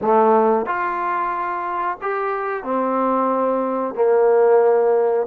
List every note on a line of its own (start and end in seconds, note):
0.01 0.66 A3
0.66 1.98 F4
2.01 2.63 G4
2.63 3.94 C4
3.94 5.26 A#3